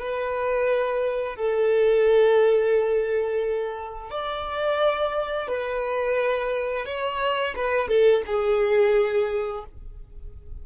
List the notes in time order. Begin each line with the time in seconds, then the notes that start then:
0.00 B4
1.36 A4
4.11 D5
5.48 B4
6.86 C#5
7.56 B4
7.89 A4
8.27 G#4